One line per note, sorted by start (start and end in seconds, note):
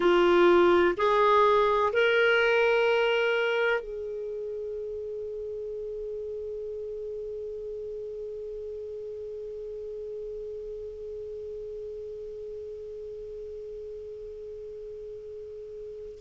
0.00 0.94 F4
0.97 1.92 G#4
1.93 3.80 A#4
3.80 16.18 G#4